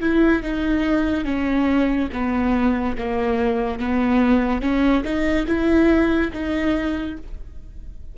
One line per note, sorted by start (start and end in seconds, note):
0.00 0.42 E4
0.43 1.24 D#4
1.24 2.09 C#4
2.12 2.97 B3
2.98 3.80 A#3
3.80 4.61 B3
4.61 5.04 C#4
5.04 5.46 D#4
5.47 6.31 E4
6.33 7.17 D#4